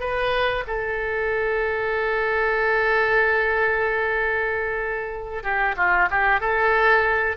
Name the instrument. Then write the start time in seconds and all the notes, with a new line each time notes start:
oboe
0.00 B4
0.67 A4
5.43 G4
5.77 F4
6.10 G4
6.40 A4